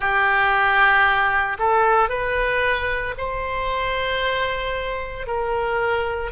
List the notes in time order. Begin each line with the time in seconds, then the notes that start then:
0.00 G4
1.58 A4
2.09 B4
3.17 C5
5.26 A#4